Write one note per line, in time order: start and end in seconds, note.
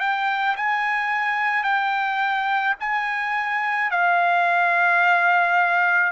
0.00 0.56 G5
0.56 1.63 G#5
1.63 2.74 G5
2.80 3.90 G#5
3.90 6.12 F5